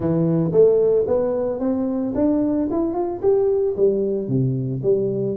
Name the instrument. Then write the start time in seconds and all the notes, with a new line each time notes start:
tuba
0.00 E3
0.52 A3
1.07 B3
1.59 C4
2.15 D4
2.71 E4
2.93 F4
3.21 G4
3.76 G3
4.28 C3
4.82 G3